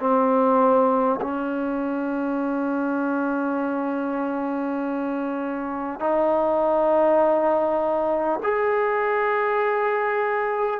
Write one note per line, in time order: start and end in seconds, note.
0.00 1.20 C4
1.21 5.99 C#4
5.99 8.39 D#4
8.43 10.80 G#4